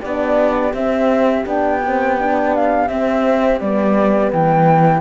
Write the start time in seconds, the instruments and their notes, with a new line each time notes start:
0.00 cello B3, horn D4, violin G4, flute D5
0.73 cello C4, horn C4, flute E5
1.46 cello B3, horn D4, flute G5
1.86 horn C4
2.19 horn D4
2.55 flute F5
2.88 cello C4, horn C4, flute E5
3.60 cello G3, horn B3, flute D5
4.32 cello E3, flute G5